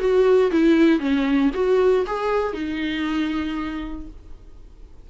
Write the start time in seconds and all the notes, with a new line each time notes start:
0.00 F#4
0.52 E4
1.00 C#4
1.55 F#4
2.07 G#4
2.53 D#4